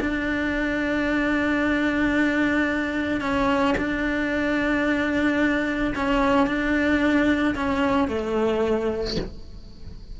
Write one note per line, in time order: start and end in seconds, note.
0.00 3.20 D4
3.20 3.74 C#4
3.77 5.93 D4
5.95 6.46 C#4
6.46 7.54 D4
7.55 8.08 C#4
8.08 9.16 A3